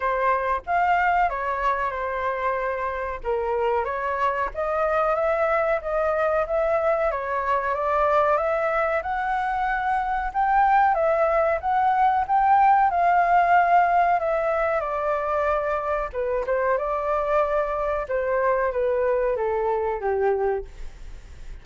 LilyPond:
\new Staff \with { instrumentName = "flute" } { \time 4/4 \tempo 4 = 93 c''4 f''4 cis''4 c''4~ | c''4 ais'4 cis''4 dis''4 | e''4 dis''4 e''4 cis''4 | d''4 e''4 fis''2 |
g''4 e''4 fis''4 g''4 | f''2 e''4 d''4~ | d''4 b'8 c''8 d''2 | c''4 b'4 a'4 g'4 | }